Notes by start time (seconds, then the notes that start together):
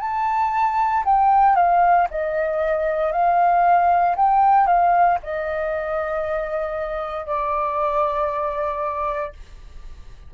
0.00 A5
1.05 G5
1.56 F5
2.11 D#5
3.12 F5
4.16 G5
4.67 F5
5.23 D#5
7.26 D5